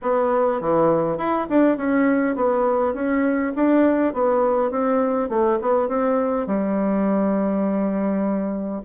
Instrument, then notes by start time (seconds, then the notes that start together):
bassoon
0.02 B3
0.60 E3
1.17 E4
1.49 D4
1.77 C#4
2.35 B3
2.94 C#4
3.55 D4
4.13 B3
4.71 C4
5.29 A3
5.61 B3
5.88 C4
6.46 G3